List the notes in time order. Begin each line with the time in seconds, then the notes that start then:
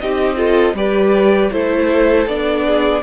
0.00 C4 D#4 G4 D#5
0.37 F4 A4
0.74 G3 G4 B4 D5
1.52 A3 E4 A4 C5
2.27 B3 D4 D5
2.67 G#4